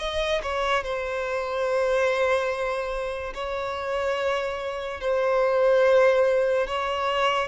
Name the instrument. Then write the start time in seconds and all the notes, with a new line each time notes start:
violin
0.00 D#5
0.43 C#5
0.84 C5
3.34 C#5
5.01 C5
6.67 C#5